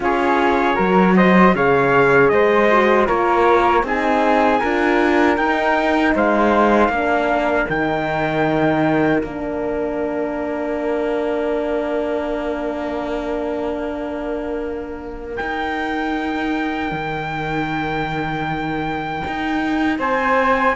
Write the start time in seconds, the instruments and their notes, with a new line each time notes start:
0.00 cello C#4, horn F4, flute G#4, trumpet C#5
0.75 cello F#3, horn F#4, flute A#4
1.16 flute C5, trumpet D#5
1.54 cello C#3, horn G#4, flute C#5, trumpet F5
2.28 cello G#3, flute C5, trumpet D#5
2.71 horn F#4
3.06 cello A#3, horn F4, flute A#4, trumpet C#5
3.83 cello C4, horn D#4, flute G#4, trumpet G#5
4.60 cello D4, horn F4, flute A#4
5.36 cello D#4, horn D#4, trumpet G5
6.14 cello G#3, flute C5, trumpet F5
6.88 cello A#3, horn D4, flute A#4
7.69 cello D#3, horn D#4, trumpet G5
9.22 cello A#3, horn D4, trumpet F5
15.36 horn D#4, cello D#4, trumpet G5
16.91 cello D#3
19.27 cello D#4
19.98 cello C4, flute C5, trumpet G#5